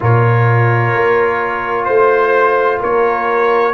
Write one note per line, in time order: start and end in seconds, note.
0.00 0.94 A#2
0.00 3.73 F4
0.00 1.86 A#4
0.00 1.84 C#5
0.94 1.88 A#3
1.84 2.81 A3
1.84 2.78 C5
1.84 2.79 C5
2.79 3.73 A#3
2.79 3.73 A#4
2.79 3.73 C#5